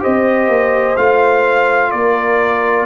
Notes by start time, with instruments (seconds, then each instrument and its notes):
0.00 tuba C4, trombone G4, horn C5, trumpet D#5
0.48 tuba A#3
0.97 tuba A3, trombone F4, trumpet F5
1.91 tuba A#3, horn A#4, trumpet D5